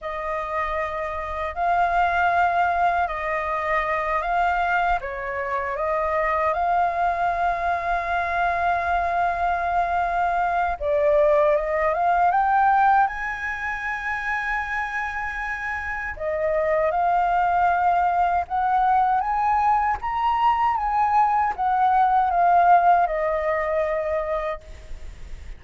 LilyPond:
\new Staff \with { instrumentName = "flute" } { \time 4/4 \tempo 4 = 78 dis''2 f''2 | dis''4. f''4 cis''4 dis''8~ | dis''8 f''2.~ f''8~ | f''2 d''4 dis''8 f''8 |
g''4 gis''2.~ | gis''4 dis''4 f''2 | fis''4 gis''4 ais''4 gis''4 | fis''4 f''4 dis''2 | }